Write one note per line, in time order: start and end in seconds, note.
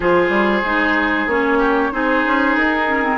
0.00 0.29 F3
0.00 0.64 F4
0.00 1.58 G#4
0.00 1.29 C5
0.29 0.61 G3
0.63 1.26 G#3
0.63 1.29 D#4
1.26 1.90 A#3
1.26 1.91 C#4
1.26 1.92 C#5
1.58 1.90 G4
1.91 2.24 C4
1.91 2.87 D#4
1.91 3.18 G#4
1.91 2.56 C5
2.25 2.56 C#4
2.56 3.18 D#4
2.56 3.18 A#4
2.87 3.02 C#4
3.02 3.18 C4